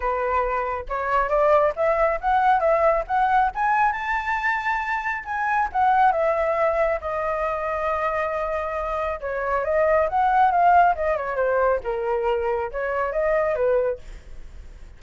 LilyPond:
\new Staff \with { instrumentName = "flute" } { \time 4/4 \tempo 4 = 137 b'2 cis''4 d''4 | e''4 fis''4 e''4 fis''4 | gis''4 a''2. | gis''4 fis''4 e''2 |
dis''1~ | dis''4 cis''4 dis''4 fis''4 | f''4 dis''8 cis''8 c''4 ais'4~ | ais'4 cis''4 dis''4 b'4 | }